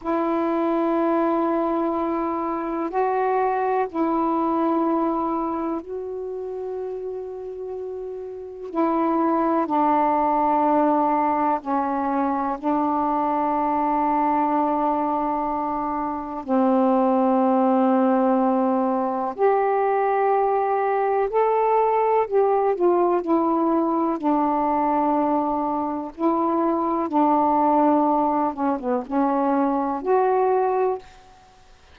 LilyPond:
\new Staff \with { instrumentName = "saxophone" } { \time 4/4 \tempo 4 = 62 e'2. fis'4 | e'2 fis'2~ | fis'4 e'4 d'2 | cis'4 d'2.~ |
d'4 c'2. | g'2 a'4 g'8 f'8 | e'4 d'2 e'4 | d'4. cis'16 b16 cis'4 fis'4 | }